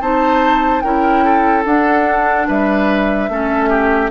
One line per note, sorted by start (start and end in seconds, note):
0.00 0.82 C4
0.00 0.83 D#4
0.00 0.83 C5
0.00 0.81 A5
0.81 1.65 C#4
0.81 1.66 E4
0.81 1.24 A#4
0.81 1.63 G5
1.24 2.47 A4
1.65 2.47 D4
1.65 3.30 D4
1.65 2.48 F#5
2.47 3.29 G3
2.47 3.29 B4
2.47 4.10 E5
3.29 4.10 A3
3.29 4.10 C#4
3.29 3.69 A4
3.69 4.10 G4